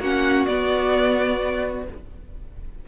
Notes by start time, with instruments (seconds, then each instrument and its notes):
0.00 cello A#3, viola C#4, violin F#4 F#5
0.46 viola B3, cello B3, violin D5